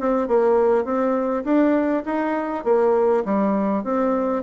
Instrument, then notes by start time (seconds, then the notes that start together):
bassoon
0.00 C4
0.28 A#3
0.85 C4
1.44 D4
2.05 D#4
2.65 A#3
3.25 G3
3.84 C4